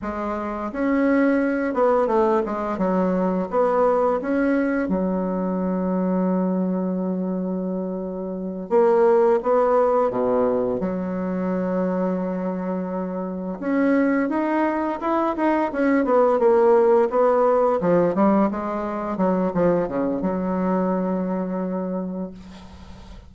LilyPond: \new Staff \with { instrumentName = "bassoon" } { \time 4/4 \tempo 4 = 86 gis4 cis'4. b8 a8 gis8 | fis4 b4 cis'4 fis4~ | fis1~ | fis8 ais4 b4 b,4 fis8~ |
fis2.~ fis8 cis'8~ | cis'8 dis'4 e'8 dis'8 cis'8 b8 ais8~ | ais8 b4 f8 g8 gis4 fis8 | f8 cis8 fis2. | }